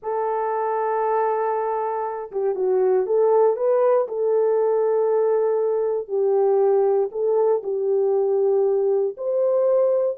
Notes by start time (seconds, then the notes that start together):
0.02 A4
2.31 G4
2.55 F#4
3.06 A4
3.56 B4
4.08 A4
6.07 G4
7.11 A4
7.63 G4
9.17 C5